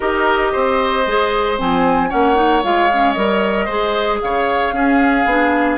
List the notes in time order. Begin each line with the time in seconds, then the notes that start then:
0.00 D#4 G4 A#4 D#5
0.52 C4 C5
1.06 G#3 G#4
1.57 F3 C4 G#5
2.09 A#3 C#4 C#5 F#5
2.35 D#4
2.63 G#3 F4 F5
2.92 C#4
3.12 G3 A#4 D#5
3.65 G#3 G#4 C5
4.21 C#3 C#5 F5
4.72 C#4 G#4
5.25 B3 D4